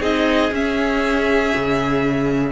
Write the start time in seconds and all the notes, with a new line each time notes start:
0.00 C4 D#4 G#4 D#5
0.52 C#4 E5
1.56 C#3